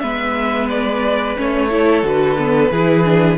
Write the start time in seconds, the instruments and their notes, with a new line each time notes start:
0.00 cello G#3, viola B3, violin B4 E5
0.70 violin D5
1.36 cello A3, viola C#4, violin C#5
1.71 viola E4, violin A4
2.03 cello D3, viola F#4, violin B4
2.39 viola B3
2.71 cello E3, viola E4, violin G#4
3.05 viola D4